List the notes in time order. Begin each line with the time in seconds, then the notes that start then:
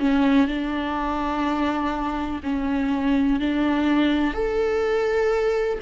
0.00 C#4
0.48 D4
2.44 C#4
3.40 D4
4.34 A4